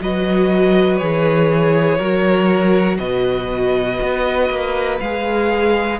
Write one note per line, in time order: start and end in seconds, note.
0.00 1.01 F#3
0.00 0.99 F#4
0.00 1.97 B4
0.00 0.97 D#5
0.97 1.99 E3
0.97 1.99 G#4
0.97 2.97 C#5
1.97 2.99 F#3
1.97 5.00 F#4
1.97 2.98 A#4
2.98 3.99 B2
2.98 5.99 B4
2.98 4.98 D#5
4.02 4.50 B3
4.50 5.00 A#3
5.00 6.00 G#3
5.00 6.00 G#4
5.00 6.00 F5